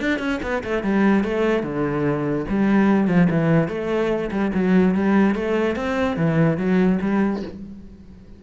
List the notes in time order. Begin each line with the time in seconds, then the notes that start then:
0.00 D4
0.19 C#4
0.42 B3
0.64 A3
0.83 G3
1.23 A3
1.63 D3
2.49 G3
3.07 F3
3.30 E3
3.68 A3
4.31 G3
4.54 F#3
4.94 G3
5.35 A3
5.76 C4
6.16 E3
6.57 F#3
7.01 G3